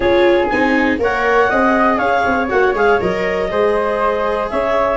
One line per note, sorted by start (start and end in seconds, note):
0.00 0.48 C#4
0.00 0.50 F4
0.00 1.00 G#4
0.00 0.49 C#5
0.49 0.99 C4
0.49 0.99 D#4
0.49 0.99 G#5
0.99 1.49 A#3
0.99 1.49 A#4
0.99 1.49 C#5
0.99 1.96 F#5
1.49 1.98 C4
1.49 2.49 G#4
1.49 1.98 D#5
1.96 2.23 C#4
1.96 3.48 C#5
1.96 2.46 F5
2.25 2.50 C4
2.49 2.73 A#3
2.49 2.74 F#4
2.49 2.74 F#5
2.73 2.98 G#3
2.73 3.00 G#4
2.73 3.01 F5
3.00 3.51 F#3
3.00 3.50 A#4
3.00 4.49 D#5
3.50 4.51 G#3
3.50 4.97 G#4
3.50 4.50 C5
4.49 4.97 C#4
4.49 4.97 C#5
4.49 4.97 E5